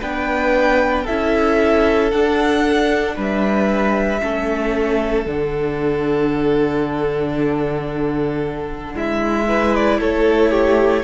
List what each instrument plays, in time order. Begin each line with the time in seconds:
0.00 cello B3, viola D4, violin B4 G5
1.04 cello C#4, viola E4, violin A4 E5
2.11 cello D4, viola D4, violin F#5
3.15 cello G3, violin B4 E5
4.20 cello A3, viola C#4, violin A4
5.26 cello D3, viola D4, violin F#5
8.94 cello G#3, violin E4 E5
9.46 viola E4, violin B4
9.74 violin D5
10.00 cello A3, violin A4 C#5
10.50 violin G4